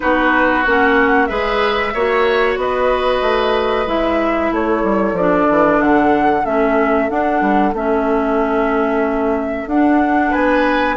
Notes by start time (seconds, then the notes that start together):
0.00 B3 D#4 F#4 B4
0.63 A#3 C#4 F#5
1.25 G#3 G#4 B4 E5
1.93 A#3 F#4 C#5
2.56 B3 B4 D#5
3.21 A3
3.86 G#3 E4 E5
4.51 A3 A4 C#5
4.83 G3
5.12 F3 D5
5.19 D4
5.49 E3
5.79 D3 F#5
6.44 A3 C#4 E5
7.09 D4 F#5
7.41 G3
7.72 A3 C#4 E5
9.66 D4 F#5
10.30 B3 B4 G#5